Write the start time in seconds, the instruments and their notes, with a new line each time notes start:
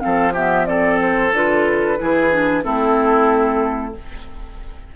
0.00 bassoon F3, clarinet C4, oboe A4, flute F5
0.33 clarinet B3, oboe G4, flute E5
0.66 clarinet C4, oboe A4, flute D5
1.02 flute C5
1.33 bassoon D3, clarinet F4, flute B4
1.98 bassoon E3, clarinet E4, oboe G#4
2.32 clarinet D4
2.63 bassoon A3, clarinet C4, oboe E4, flute A4